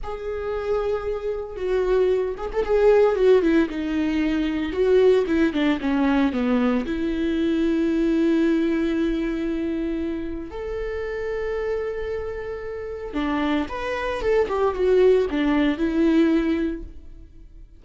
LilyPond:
\new Staff \with { instrumentName = "viola" } { \time 4/4 \tempo 4 = 114 gis'2. fis'4~ | fis'8 gis'16 a'16 gis'4 fis'8 e'8 dis'4~ | dis'4 fis'4 e'8 d'8 cis'4 | b4 e'2.~ |
e'1 | a'1~ | a'4 d'4 b'4 a'8 g'8 | fis'4 d'4 e'2 | }